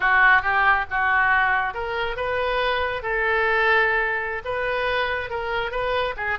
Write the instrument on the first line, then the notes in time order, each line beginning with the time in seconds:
oboe
0.00 F#4
0.42 G4
0.90 F#4
1.74 A#4
2.16 B4
3.02 A4
4.44 B4
5.30 A#4
5.71 B4
6.16 G#4